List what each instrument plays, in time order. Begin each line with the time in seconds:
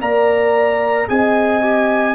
0.00 tuba A#3, trombone A#4, horn D5, trumpet A#5
1.07 tuba C4, trombone G#4, horn D#5, trumpet G#5
1.62 trombone G4